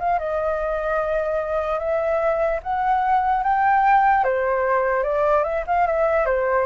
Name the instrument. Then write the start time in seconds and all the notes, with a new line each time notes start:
flute
0.00 F5
0.19 D#5
1.79 E5
2.63 F#5
3.43 G5
4.25 C5
5.03 D5
5.44 E5
5.67 F5
5.87 E5
6.26 C5